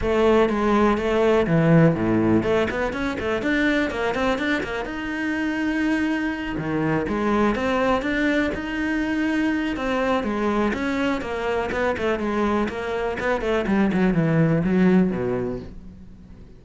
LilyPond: \new Staff \with { instrumentName = "cello" } { \time 4/4 \tempo 4 = 123 a4 gis4 a4 e4 | a,4 a8 b8 cis'8 a8 d'4 | ais8 c'8 d'8 ais8 dis'2~ | dis'4. dis4 gis4 c'8~ |
c'8 d'4 dis'2~ dis'8 | c'4 gis4 cis'4 ais4 | b8 a8 gis4 ais4 b8 a8 | g8 fis8 e4 fis4 b,4 | }